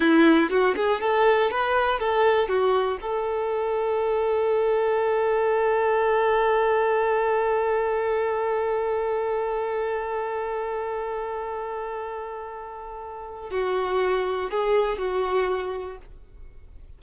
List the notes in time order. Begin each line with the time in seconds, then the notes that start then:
0.00 E4
0.50 F#4
0.75 G#4
1.00 A4
1.50 B4
1.99 A4
2.48 F#4
3.01 A4
13.50 F#4
14.50 G#4
14.97 F#4